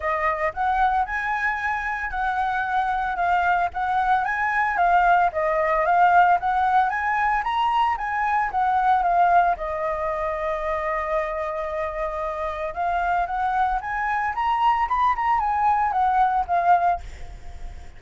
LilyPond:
\new Staff \with { instrumentName = "flute" } { \time 4/4 \tempo 4 = 113 dis''4 fis''4 gis''2 | fis''2 f''4 fis''4 | gis''4 f''4 dis''4 f''4 | fis''4 gis''4 ais''4 gis''4 |
fis''4 f''4 dis''2~ | dis''1 | f''4 fis''4 gis''4 ais''4 | b''8 ais''8 gis''4 fis''4 f''4 | }